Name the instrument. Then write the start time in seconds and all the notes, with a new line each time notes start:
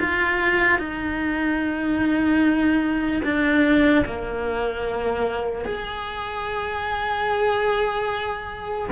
cello
0.00 F4
0.79 D#4
3.24 D4
4.06 A#3
5.65 G#4